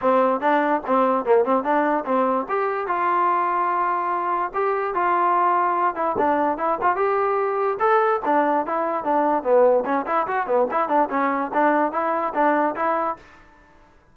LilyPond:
\new Staff \with { instrumentName = "trombone" } { \time 4/4 \tempo 4 = 146 c'4 d'4 c'4 ais8 c'8 | d'4 c'4 g'4 f'4~ | f'2. g'4 | f'2~ f'8 e'8 d'4 |
e'8 f'8 g'2 a'4 | d'4 e'4 d'4 b4 | cis'8 e'8 fis'8 b8 e'8 d'8 cis'4 | d'4 e'4 d'4 e'4 | }